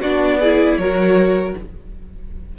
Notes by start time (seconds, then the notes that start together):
0.00 B3 D4 F#4 D5
0.40 E4 G#4
0.77 F#3 F#4 A#4 C#5